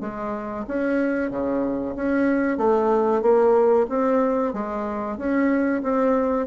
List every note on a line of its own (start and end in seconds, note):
0.00 0.65 G#3
0.67 1.30 C#4
1.30 1.94 C#3
1.95 2.57 C#4
2.57 3.21 A3
3.21 3.86 A#3
3.89 4.53 C4
4.53 5.17 G#3
5.17 5.82 C#4
5.82 6.46 C4